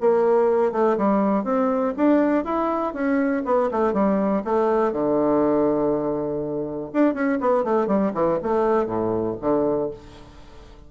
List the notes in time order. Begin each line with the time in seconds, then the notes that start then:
0.00 A#3
0.72 A3
0.97 G3
1.44 C4
1.96 D4
2.44 E4
2.93 C#4
3.45 B3
3.71 A3
3.93 G3
4.44 A3
4.92 D3
6.93 D4
7.14 C#4
7.40 B3
7.64 A3
7.87 G3
8.14 E3
8.43 A3
8.86 A2
9.40 D3